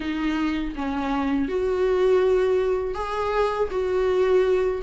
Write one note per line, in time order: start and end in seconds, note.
0.00 0.74 D#4
0.75 1.48 C#4
1.48 2.94 F#4
2.94 3.68 G#4
3.70 4.81 F#4